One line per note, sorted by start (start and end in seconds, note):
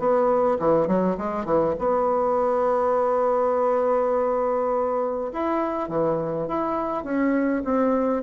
0.00 0.59 B3
0.60 0.88 E3
0.88 1.17 F#3
1.18 1.45 G#3
1.45 1.75 E3
1.79 5.32 B3
5.33 5.90 E4
5.90 6.48 E3
6.48 7.05 E4
7.05 7.63 C#4
7.65 8.24 C4